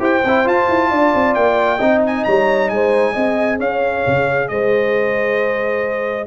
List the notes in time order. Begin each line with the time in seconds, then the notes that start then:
0.00 E4 G4 C5 G5
0.25 C4 E4
0.46 F4 A5
0.69 E4
0.91 D4 D5
1.15 C4
1.35 A#3 G5
1.79 C4 D#4 D#5
2.07 G#5
2.25 G3 C#5 A#5
2.69 G#3 C5 G#5
3.13 C4 G#4 D#5
3.59 C#4 C#5 F5
4.07 C#3
4.49 G#3 C5 D#5